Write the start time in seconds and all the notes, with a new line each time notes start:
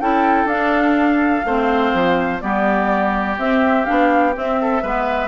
0.00 C#4 E4 A4 G5
0.45 D4 F5
1.45 A3 C4 C5
1.93 F3
2.41 G3 B3 G4 D5
3.37 C4 E5
3.85 B3 D4 F5
4.33 C4 E5
4.61 A4
4.82 G#3 B3 B4